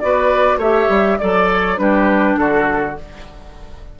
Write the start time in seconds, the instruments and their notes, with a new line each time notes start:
0.00 bassoon B3, clarinet F#4, oboe B4, flute D5
0.57 bassoon A3, clarinet G4, oboe C#5, flute E5
0.89 bassoon G3
1.19 bassoon F#3, clarinet A4, flute D5, oboe D5
1.52 flute C#5
1.77 bassoon G3, clarinet D4, oboe G4, flute B4
2.37 bassoon D3, oboe F#4, flute A4